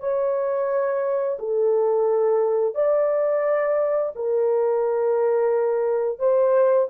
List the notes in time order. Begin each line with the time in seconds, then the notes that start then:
0.00 C#5
1.39 A4
2.75 D5
4.15 A#4
6.19 C5